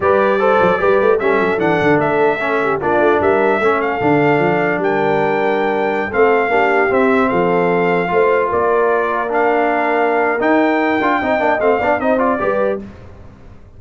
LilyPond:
<<
  \new Staff \with { instrumentName = "trumpet" } { \time 4/4 \tempo 4 = 150 d''2. e''4 | fis''4 e''2 d''4 | e''4. f''2~ f''8 | g''2.~ g''16 f''8.~ |
f''4~ f''16 e''4 f''4.~ f''16~ | f''4~ f''16 d''2 f''8.~ | f''2 g''2~ | g''4 f''4 dis''8 d''4. | }
  \new Staff \with { instrumentName = "horn" } { \time 4/4 b'4 c''4 b'4 a'4~ | a'2~ a'8 g'8 f'4 | ais'4 a'2. | ais'2.~ ais'16 a'8.~ |
a'16 g'2 a'4.~ a'16~ | a'16 c''4 ais'2~ ais'8.~ | ais'1 | dis''4. d''8 c''4 b'4 | }
  \new Staff \with { instrumentName = "trombone" } { \time 4/4 g'4 a'4 g'4 cis'4 | d'2 cis'4 d'4~ | d'4 cis'4 d'2~ | d'2.~ d'16 c'8.~ |
c'16 d'4 c'2~ c'8.~ | c'16 f'2. d'8.~ | d'2 dis'4. f'8 | dis'8 d'8 c'8 d'8 dis'8 f'8 g'4 | }
  \new Staff \with { instrumentName = "tuba" } { \time 4/4 g4. fis8 g8 a8 g8 fis8 | e8 d8 a2 ais8 a8 | g4 a4 d4 f4 | g2.~ g16 a8.~ |
a16 ais4 c'4 f4.~ f16~ | f16 a4 ais2~ ais8.~ | ais2 dis'4. d'8 | c'8 ais8 a8 b8 c'4 g4 | }
>>